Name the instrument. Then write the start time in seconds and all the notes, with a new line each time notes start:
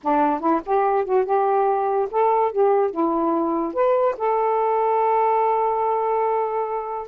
saxophone
0.03 D4
0.40 E4
0.65 G4
1.04 F#4
1.25 G4
2.10 A4
2.52 G4
2.90 E4
3.73 B4
4.17 A4